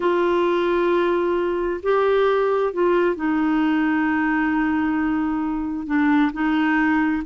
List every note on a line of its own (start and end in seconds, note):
0.00 1.80 F4
1.83 2.73 G4
2.73 3.15 F4
3.15 5.86 D#4
5.86 6.31 D4
6.32 7.23 D#4